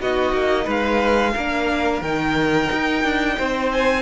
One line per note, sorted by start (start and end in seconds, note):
0.00 0.32 B3
0.00 1.35 D#4
0.00 0.65 F#4
0.00 0.69 D#5
0.32 0.66 A#3
0.65 1.35 G#3
0.65 1.32 B4
0.65 2.02 F5
1.34 2.02 A#3
1.34 2.05 D4
1.34 3.37 A#4
2.02 2.69 D#3
2.02 4.02 D#4
2.02 3.71 G5
2.73 3.04 D#4
3.04 3.37 D4
3.38 4.02 C4
3.38 4.02 C5
3.72 4.02 G#5